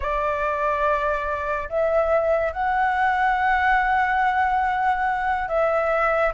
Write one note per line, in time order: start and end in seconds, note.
0.00 1.69 D5
1.69 2.52 E5
2.52 5.48 F#5
5.48 6.32 E5